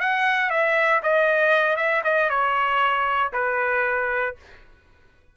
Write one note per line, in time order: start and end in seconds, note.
0.00 0.50 F#5
0.50 1.01 E5
1.03 1.76 D#5
1.76 2.02 E5
2.04 2.30 D#5
2.30 3.32 C#5
3.33 4.35 B4